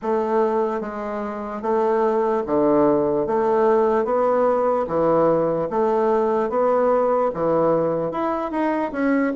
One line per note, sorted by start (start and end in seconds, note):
0.01 0.80 A3
0.80 1.61 G#3
1.61 2.43 A3
2.46 3.27 D3
3.27 4.04 A3
4.04 4.85 B3
4.87 5.68 E3
5.69 6.49 A3
6.49 7.30 B3
7.34 8.11 E3
8.11 8.51 E4
8.51 8.91 D#4
8.92 9.32 C#4